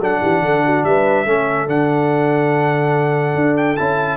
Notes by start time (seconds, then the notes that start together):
0.00 F#3 D4 A4 F#5
0.22 E3 G4
0.41 D3 A4
0.65 F#4
0.84 G3 B4 E5
1.26 A3 C#4 A4
1.68 D3 D4 F#5
3.35 D4
3.57 G5
3.77 C#4 E4 A5